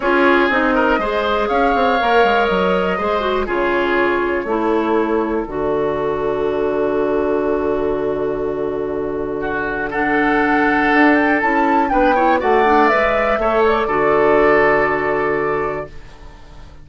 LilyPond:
<<
  \new Staff \with { instrumentName = "flute" } { \time 4/4 \tempo 4 = 121 cis''4 dis''2 f''4~ | f''4 dis''2 cis''4~ | cis''2. d''4~ | d''1~ |
d''1 | fis''2~ fis''8 g''8 a''4 | g''4 fis''4 e''4. d''8~ | d''1 | }
  \new Staff \with { instrumentName = "oboe" } { \time 4/4 gis'4. ais'8 c''4 cis''4~ | cis''2 c''4 gis'4~ | gis'4 a'2.~ | a'1~ |
a'2. fis'4 | a'1 | b'8 cis''8 d''2 cis''4 | a'1 | }
  \new Staff \with { instrumentName = "clarinet" } { \time 4/4 f'4 dis'4 gis'2 | ais'2 gis'8 fis'8 f'4~ | f'4 e'2 fis'4~ | fis'1~ |
fis'1 | d'2. e'4 | d'8 e'8 fis'8 d'8 b'4 a'4 | fis'1 | }
  \new Staff \with { instrumentName = "bassoon" } { \time 4/4 cis'4 c'4 gis4 cis'8 c'8 | ais8 gis8 fis4 gis4 cis4~ | cis4 a2 d4~ | d1~ |
d1~ | d2 d'4 cis'4 | b4 a4 gis4 a4 | d1 | }
>>